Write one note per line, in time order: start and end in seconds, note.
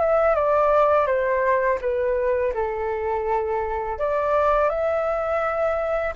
0.00 0.35 E5
0.35 1.06 D5
1.06 1.78 C5
1.81 2.53 B4
2.54 3.98 A4
3.98 4.69 D5
4.69 6.14 E5